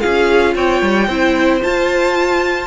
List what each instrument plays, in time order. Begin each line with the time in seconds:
0.00 cello C#4, viola F4, violin G#4 F5
0.55 cello C4, violin C#5 G5
0.82 cello G3
1.07 cello C4, viola E4, violin C5
1.60 viola F4, cello F4, violin A5